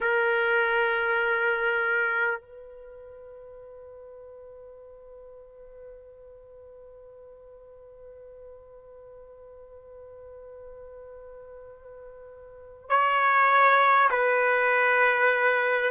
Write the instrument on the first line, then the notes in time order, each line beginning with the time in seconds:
trumpet
0.01 A#4
2.40 B4
12.89 C#5
14.10 B4